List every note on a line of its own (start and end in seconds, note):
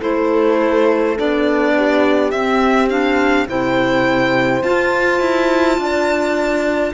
0.00 1.19 A3
0.00 1.16 E4
0.00 1.73 A4
0.00 1.17 C5
1.16 2.32 B3
1.16 2.32 D4
1.16 2.31 D5
1.76 3.48 G4
2.31 3.47 C4
2.31 2.89 C4
2.31 2.88 E5
2.89 3.47 D4
2.89 3.47 F5
3.48 4.63 C3
3.48 4.63 E4
3.48 5.79 C5
3.48 4.62 G5
4.62 5.20 F4
4.62 6.94 F4
4.62 6.93 A5
5.20 5.77 E4
5.77 6.93 D4
5.77 6.94 D5